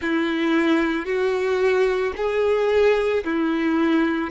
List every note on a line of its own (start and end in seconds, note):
0.01 1.05 E4
1.05 2.12 F#4
2.17 3.24 G#4
3.24 4.30 E4